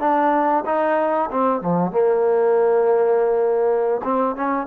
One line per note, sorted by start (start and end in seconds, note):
0.00 0.65 D4
0.66 1.30 D#4
1.31 1.62 C4
1.62 1.92 F3
1.92 4.02 A#3
4.04 4.36 C4
4.36 4.67 C#4